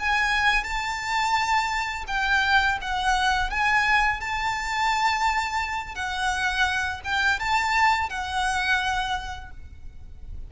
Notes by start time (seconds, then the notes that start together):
0.00 G#5
0.64 A5
2.08 G5
2.82 F#5
3.51 G#5
4.21 A5
5.96 F#5
7.05 G5
7.40 A5
8.10 F#5